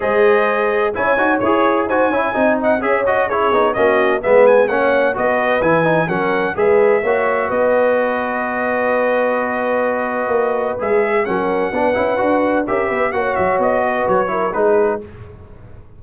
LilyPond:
<<
  \new Staff \with { instrumentName = "trumpet" } { \time 4/4 \tempo 4 = 128 dis''2 gis''4 cis''4 | gis''4. fis''8 e''8 dis''8 cis''4 | dis''4 e''8 gis''8 fis''4 dis''4 | gis''4 fis''4 e''2 |
dis''1~ | dis''2. e''4 | fis''2. e''4 | fis''8 e''8 dis''4 cis''4 b'4 | }
  \new Staff \with { instrumentName = "horn" } { \time 4/4 c''2 cis''2 | c''8 cis''8 dis''4 cis''4 gis'4 | fis'4 b'4 cis''4 b'4~ | b'4 ais'4 b'4 cis''4 |
b'1~ | b'1 | ais'4 b'2 ais'8 b'8 | cis''4. b'4 ais'8 gis'4 | }
  \new Staff \with { instrumentName = "trombone" } { \time 4/4 gis'2 e'8 fis'8 gis'4 | fis'8 e'8 dis'4 gis'8 fis'8 e'8 dis'8 | cis'4 b4 cis'4 fis'4 | e'8 dis'8 cis'4 gis'4 fis'4~ |
fis'1~ | fis'2. gis'4 | cis'4 d'8 e'8 fis'4 g'4 | fis'2~ fis'8 e'8 dis'4 | }
  \new Staff \with { instrumentName = "tuba" } { \time 4/4 gis2 cis'8 dis'8 e'4 | dis'8 cis'8 c'4 cis'4. b8 | ais4 gis4 ais4 b4 | e4 fis4 gis4 ais4 |
b1~ | b2 ais4 gis4 | fis4 b8 cis'8 d'4 cis'8 b8 | ais8 fis8 b4 fis4 gis4 | }
>>